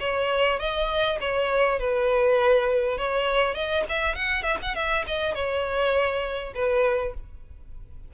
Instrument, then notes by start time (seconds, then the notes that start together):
violin
0.00 C#5
0.59 D#5
1.21 C#5
1.80 B4
2.98 C#5
3.55 D#5
3.89 E5
4.16 F#5
4.43 E5
4.62 F#5
4.75 E5
5.07 D#5
5.35 C#5
6.55 B4